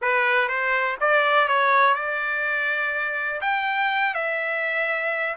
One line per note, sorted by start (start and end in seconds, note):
0.01 0.48 B4
0.48 0.97 C5
1.00 1.48 D5
1.48 1.94 C#5
1.94 3.40 D5
3.41 4.14 G5
4.14 5.36 E5